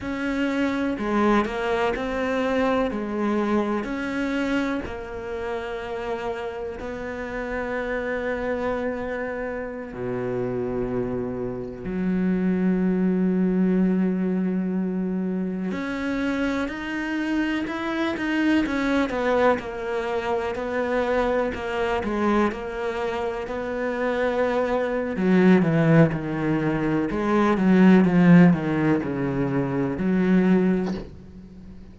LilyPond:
\new Staff \with { instrumentName = "cello" } { \time 4/4 \tempo 4 = 62 cis'4 gis8 ais8 c'4 gis4 | cis'4 ais2 b4~ | b2~ b16 b,4.~ b,16~ | b,16 fis2.~ fis8.~ |
fis16 cis'4 dis'4 e'8 dis'8 cis'8 b16~ | b16 ais4 b4 ais8 gis8 ais8.~ | ais16 b4.~ b16 fis8 e8 dis4 | gis8 fis8 f8 dis8 cis4 fis4 | }